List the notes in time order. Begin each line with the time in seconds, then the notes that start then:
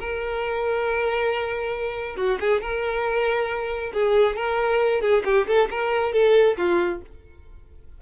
0.00 A#4
2.17 F#4
2.40 G#4
2.62 A#4
3.94 G#4
4.37 A#4
5.02 G#4
5.25 G4
5.47 A4
5.71 A#4
6.13 A4
6.58 F4